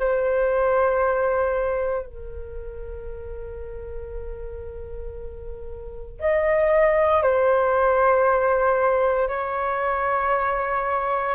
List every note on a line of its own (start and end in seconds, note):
0.00 2.07 C5
2.07 6.20 A#4
6.20 7.23 D#5
7.23 9.29 C5
9.29 11.36 C#5